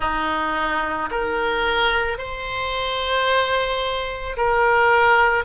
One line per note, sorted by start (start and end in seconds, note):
0.00 1.09 D#4
1.11 2.18 A#4
2.18 4.36 C5
4.36 5.44 A#4